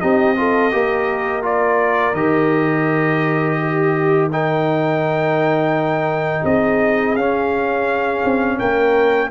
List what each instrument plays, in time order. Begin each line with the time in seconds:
0.00 tuba C4, trombone D#4, horn G4, trumpet D#5
0.36 trombone F4, horn A4
0.72 tuba A#3, trombone G4, horn A#4
1.42 trombone F4, trumpet D5
2.13 tuba D#3, trombone G4, trumpet D#5
3.61 horn G4
4.32 trombone D#4, horn A#4, trumpet G5
6.45 tuba C4, horn G#4, trumpet D#5
7.16 tuba C#4, trombone C#4, trumpet F5
8.25 tuba C4
8.58 tuba A#3, horn A#4, trumpet G5